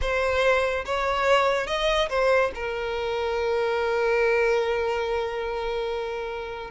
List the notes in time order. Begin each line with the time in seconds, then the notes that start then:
0.01 C5
0.85 C#5
1.66 D#5
2.09 C5
2.55 A#4